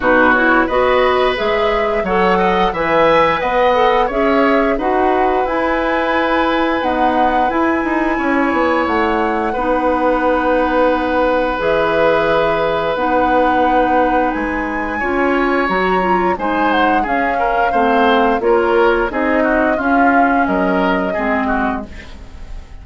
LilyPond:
<<
  \new Staff \with { instrumentName = "flute" } { \time 4/4 \tempo 4 = 88 b'8 cis''8 dis''4 e''4 fis''4 | gis''4 fis''4 e''4 fis''4 | gis''2 fis''4 gis''4~ | gis''4 fis''2.~ |
fis''4 e''2 fis''4~ | fis''4 gis''2 ais''4 | gis''8 fis''8 f''2 cis''4 | dis''4 f''4 dis''2 | }
  \new Staff \with { instrumentName = "oboe" } { \time 4/4 fis'4 b'2 cis''8 dis''8 | e''4 dis''4 cis''4 b'4~ | b'1 | cis''2 b'2~ |
b'1~ | b'2 cis''2 | c''4 gis'8 ais'8 c''4 ais'4 | gis'8 fis'8 f'4 ais'4 gis'8 fis'8 | }
  \new Staff \with { instrumentName = "clarinet" } { \time 4/4 dis'8 e'8 fis'4 gis'4 a'4 | b'4. a'8 gis'4 fis'4 | e'2 b4 e'4~ | e'2 dis'2~ |
dis'4 gis'2 dis'4~ | dis'2 f'4 fis'8 f'8 | dis'4 cis'4 c'4 f'4 | dis'4 cis'2 c'4 | }
  \new Staff \with { instrumentName = "bassoon" } { \time 4/4 b,4 b4 gis4 fis4 | e4 b4 cis'4 dis'4 | e'2 dis'4 e'8 dis'8 | cis'8 b8 a4 b2~ |
b4 e2 b4~ | b4 gis4 cis'4 fis4 | gis4 cis'4 a4 ais4 | c'4 cis'4 fis4 gis4 | }
>>